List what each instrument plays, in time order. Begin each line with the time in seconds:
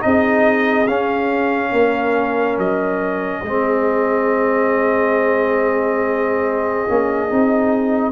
0.00 tuba C4, trombone D#4, horn G#4, trumpet D#5
0.87 tuba C#4, trombone C#4, trumpet F5
1.71 tuba A#3, horn A#4
2.58 tuba F#3, trumpet D#5
3.42 tuba G#3, trombone C4, horn G#4
6.88 tuba A#3, trombone C#4
7.29 tuba C4, trombone D#4